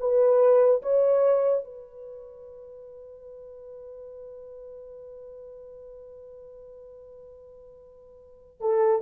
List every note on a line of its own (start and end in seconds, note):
0.00 0.82 B4
0.83 1.64 C#5
1.64 8.61 B4
8.61 9.02 A4